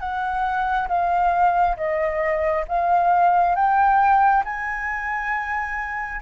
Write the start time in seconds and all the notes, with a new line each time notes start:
0.00 F#5
0.89 F5
1.77 D#5
2.69 F5
3.56 G5
4.45 G#5